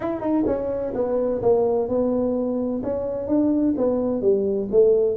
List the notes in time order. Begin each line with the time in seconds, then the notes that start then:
0.00 E4
0.20 D#4
0.46 C#4
0.94 B3
1.41 A#3
1.88 B3
2.83 C#4
3.27 D4
3.77 B3
4.21 G3
4.71 A3